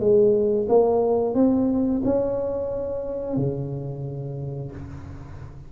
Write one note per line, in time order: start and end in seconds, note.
0.00 0.67 G#3
0.69 1.35 A#3
1.35 2.02 C4
2.05 3.36 C#4
3.36 4.71 C#3